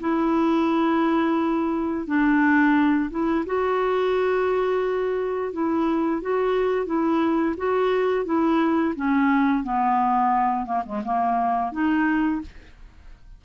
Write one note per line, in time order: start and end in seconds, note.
0.00 2.07 E4
2.07 3.10 D4
3.10 3.45 E4
3.46 5.53 F#4
5.53 6.22 E4
6.22 6.86 F#4
6.86 7.55 E4
7.57 8.25 F#4
8.25 8.94 E4
8.96 9.64 C#4
9.64 10.66 B3
10.66 10.83 A#3
10.86 11.03 G#3
11.04 11.72 A#3
11.72 12.41 D#4